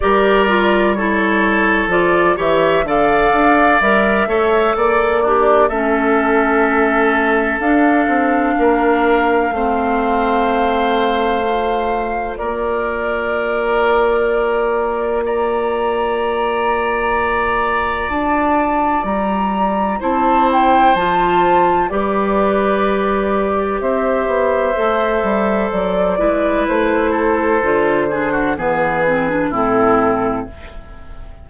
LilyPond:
<<
  \new Staff \with { instrumentName = "flute" } { \time 4/4 \tempo 4 = 63 d''4 cis''4 d''8 e''8 f''4 | e''4 d''4 e''2 | f''1~ | f''4 d''2. |
ais''2. a''4 | ais''4 a''8 g''8 a''4 d''4~ | d''4 e''2 d''4 | c''2 b'4 a'4 | }
  \new Staff \with { instrumentName = "oboe" } { \time 4/4 ais'4 a'4. cis''8 d''4~ | d''8 cis''8 d''8 d'8 a'2~ | a'4 ais'4 c''2~ | c''4 ais'2. |
d''1~ | d''4 c''2 b'4~ | b'4 c''2~ c''8 b'8~ | b'8 a'4 gis'16 fis'16 gis'4 e'4 | }
  \new Staff \with { instrumentName = "clarinet" } { \time 4/4 g'8 f'8 e'4 f'8 g'8 a'4 | ais'8 a'4 g'8 cis'2 | d'2 c'2 | f'1~ |
f'1~ | f'4 e'4 f'4 g'4~ | g'2 a'4. e'8~ | e'4 f'8 d'8 b8 c'16 d'16 c'4 | }
  \new Staff \with { instrumentName = "bassoon" } { \time 4/4 g2 f8 e8 d8 d'8 | g8 a8 ais4 a2 | d'8 c'8 ais4 a2~ | a4 ais2.~ |
ais2. d'4 | g4 c'4 f4 g4~ | g4 c'8 b8 a8 g8 fis8 gis8 | a4 d4 e4 a,4 | }
>>